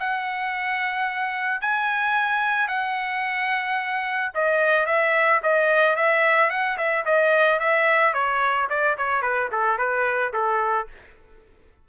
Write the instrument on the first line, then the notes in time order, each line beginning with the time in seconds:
trumpet
0.00 F#5
1.62 G#5
2.69 F#5
4.35 D#5
4.86 E5
5.43 D#5
5.96 E5
6.50 F#5
6.78 E5
7.06 D#5
7.60 E5
8.14 C#5
8.70 D5
8.98 C#5
9.22 B4
9.52 A4
9.78 B4
10.34 A4